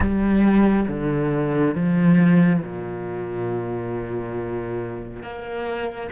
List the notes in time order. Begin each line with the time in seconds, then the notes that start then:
0.00 G3
0.88 D3
1.74 F3
2.62 A#2
5.23 A#3